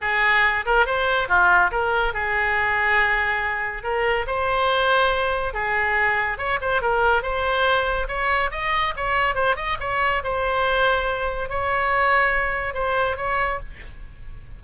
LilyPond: \new Staff \with { instrumentName = "oboe" } { \time 4/4 \tempo 4 = 141 gis'4. ais'8 c''4 f'4 | ais'4 gis'2.~ | gis'4 ais'4 c''2~ | c''4 gis'2 cis''8 c''8 |
ais'4 c''2 cis''4 | dis''4 cis''4 c''8 dis''8 cis''4 | c''2. cis''4~ | cis''2 c''4 cis''4 | }